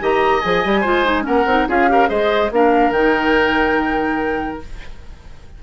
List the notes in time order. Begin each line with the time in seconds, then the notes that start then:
0.00 D#3 G4 D#5 A#5
0.41 F3 G#4 G#5
0.64 G3 G4
0.81 G#3 F4 C5
1.05 D#4
1.23 A#3 C#4 A#4 F#5
1.46 C4 D#4
1.68 C#4 F4 G#4 F5
1.88 G4 A#4
2.07 G#3 G#4 C5 D#5
2.51 A#3 D4 A#4 F5
2.90 D#3 D#4 G5